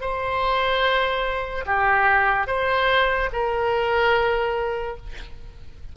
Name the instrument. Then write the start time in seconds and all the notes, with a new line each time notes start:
oboe
0.00 C5
1.65 G4
2.47 C5
3.32 A#4